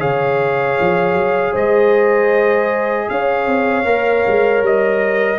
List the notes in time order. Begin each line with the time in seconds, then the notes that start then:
0.00 C#3 G#4 C#5 F5
0.80 F3
1.14 F#3
1.53 G#3 C5 D#5
3.10 C#4 C#5 F5
3.47 C4
3.85 A#3 A#4
4.28 G#3
4.62 G3 D#5